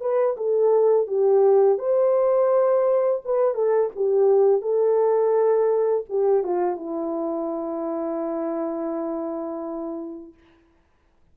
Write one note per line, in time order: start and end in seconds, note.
0.00 0.36 B4
0.36 1.07 A4
1.07 1.78 G4
1.78 3.21 C5
3.24 3.54 B4
3.54 3.90 A4
3.95 4.61 G4
4.61 6.04 A4
6.09 6.43 G4
6.43 6.76 F4
6.76 10.33 E4